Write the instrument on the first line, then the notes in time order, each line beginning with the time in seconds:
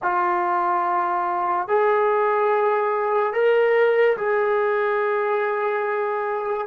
trombone
0.02 F4
1.67 G#4
3.33 A#4
4.17 G#4